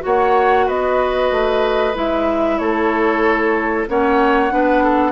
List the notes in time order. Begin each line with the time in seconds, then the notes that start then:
0.00 A#3 F#4 C#5 F#5
0.66 B3 B4 D#5
1.31 A3
1.94 G#3 E4 E5
2.58 A3 A4 C#5
3.88 A#3 C#4 C#5 F#5
4.49 B3 D4 B4
4.83 A4